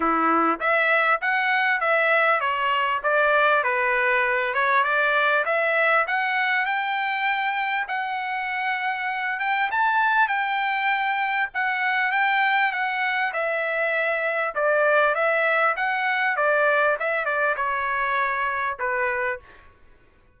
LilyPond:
\new Staff \with { instrumentName = "trumpet" } { \time 4/4 \tempo 4 = 99 e'4 e''4 fis''4 e''4 | cis''4 d''4 b'4. cis''8 | d''4 e''4 fis''4 g''4~ | g''4 fis''2~ fis''8 g''8 |
a''4 g''2 fis''4 | g''4 fis''4 e''2 | d''4 e''4 fis''4 d''4 | e''8 d''8 cis''2 b'4 | }